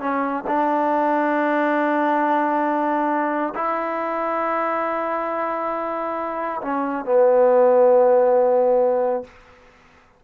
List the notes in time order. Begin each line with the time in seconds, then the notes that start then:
0.00 C#4
0.47 D4
3.55 E4
6.62 C#4
7.05 B3